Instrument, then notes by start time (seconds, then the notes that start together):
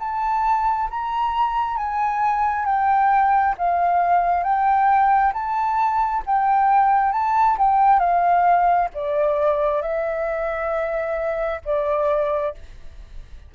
flute
0.00 A5
0.90 A#5
1.77 G#5
2.66 G5
3.58 F5
4.43 G5
5.34 A5
6.26 G5
7.12 A5
7.59 G5
7.99 F5
8.94 D5
9.82 E5
11.65 D5